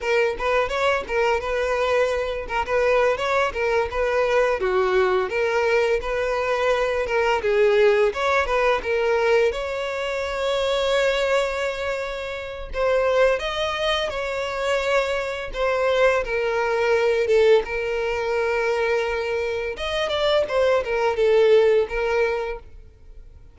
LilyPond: \new Staff \with { instrumentName = "violin" } { \time 4/4 \tempo 4 = 85 ais'8 b'8 cis''8 ais'8 b'4. ais'16 b'16~ | b'8 cis''8 ais'8 b'4 fis'4 ais'8~ | ais'8 b'4. ais'8 gis'4 cis''8 | b'8 ais'4 cis''2~ cis''8~ |
cis''2 c''4 dis''4 | cis''2 c''4 ais'4~ | ais'8 a'8 ais'2. | dis''8 d''8 c''8 ais'8 a'4 ais'4 | }